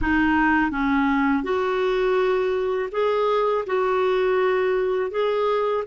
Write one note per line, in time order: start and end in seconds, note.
0.01 0.71 D#4
0.71 1.43 C#4
1.43 2.89 F#4
2.91 3.64 G#4
3.66 5.11 F#4
5.11 5.84 G#4